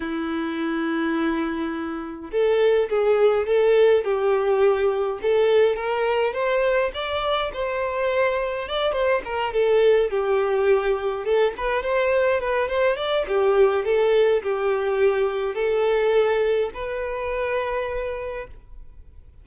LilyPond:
\new Staff \with { instrumentName = "violin" } { \time 4/4 \tempo 4 = 104 e'1 | a'4 gis'4 a'4 g'4~ | g'4 a'4 ais'4 c''4 | d''4 c''2 d''8 c''8 |
ais'8 a'4 g'2 a'8 | b'8 c''4 b'8 c''8 d''8 g'4 | a'4 g'2 a'4~ | a'4 b'2. | }